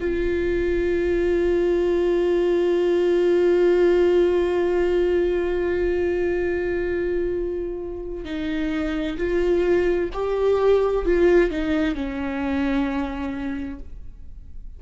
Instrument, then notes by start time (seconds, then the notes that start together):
viola
0.00 F4
8.25 D#4
9.18 F4
10.13 G4
11.06 F4
11.50 D#4
11.95 C#4